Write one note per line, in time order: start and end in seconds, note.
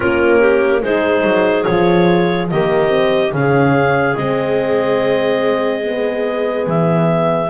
0.00 0.82 A#3
0.00 0.82 C#4
0.00 0.39 F4
0.00 0.82 A#4
0.39 0.81 G4
0.82 1.23 G#3
0.82 1.66 D#4
0.82 2.51 G#4
0.82 1.64 C5
1.23 1.65 F#3
1.64 2.51 F3
1.64 2.50 F4
1.64 2.47 C#5
2.50 3.31 D#3
2.50 2.87 A#3
2.50 3.35 G4
2.50 3.33 D#5
2.87 3.29 C4
3.31 4.15 C#3
3.31 4.16 C#4
3.31 4.16 F5
3.37 7.49 G#4
4.16 6.66 G#3
4.16 5.83 C4
4.16 6.66 D#5
5.83 7.49 B3
6.66 7.49 E3
6.66 7.49 E5